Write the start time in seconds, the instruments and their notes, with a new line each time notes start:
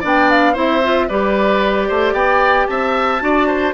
0.00 bassoon B3, clarinet D4, oboe D5
0.07 flute G5
0.30 flute F5
0.53 bassoon C4, clarinet E4, oboe C5, flute E5
0.83 clarinet F4
1.08 bassoon G3, clarinet G4, oboe B4, flute D5
1.88 bassoon A3, oboe C5
2.13 bassoon B3, oboe D5, flute G5
2.67 bassoon C4, oboe E5, flute A5
3.20 bassoon D4, clarinet F#4, oboe D5
3.47 oboe C5